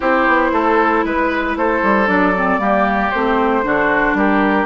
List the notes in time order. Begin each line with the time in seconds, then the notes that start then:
0.00 C4 E4 G4 C5
0.27 B3
0.52 A3 A4
1.04 G#3 B4
1.56 A3 A4 C5
1.82 G3
2.07 F#3 D4 D5
2.36 C4
2.58 G3 A#3 G4
3.10 A3 C4 C5
3.62 D3 D4 F#4
4.14 G3 G4 A#4